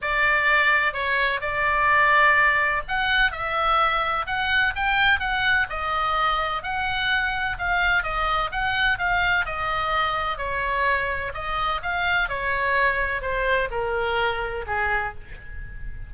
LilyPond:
\new Staff \with { instrumentName = "oboe" } { \time 4/4 \tempo 4 = 127 d''2 cis''4 d''4~ | d''2 fis''4 e''4~ | e''4 fis''4 g''4 fis''4 | dis''2 fis''2 |
f''4 dis''4 fis''4 f''4 | dis''2 cis''2 | dis''4 f''4 cis''2 | c''4 ais'2 gis'4 | }